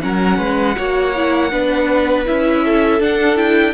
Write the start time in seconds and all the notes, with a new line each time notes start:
0.00 F#3 C#4 A#4 F#5
0.38 G#3 B4
0.76 A#3 F#4 C#5
1.15 E4
1.50 B3 D4 B4
2.25 C#4 E4 E5
2.64 A4
3.00 D4 F#5
3.36 E4 G5